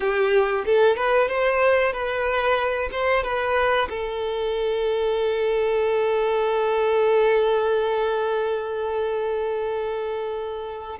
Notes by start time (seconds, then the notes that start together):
0.00 G4
0.65 A4
0.96 B4
1.28 C5
1.92 B4
2.91 C5
3.23 B4
3.89 A4